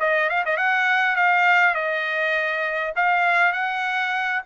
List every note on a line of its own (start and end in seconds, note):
0.00 0.30 D#5
0.30 0.44 F5
0.46 0.58 D#5
0.58 1.16 F#5
1.16 1.75 F5
1.75 2.94 D#5
2.96 3.53 F5
3.53 4.42 F#5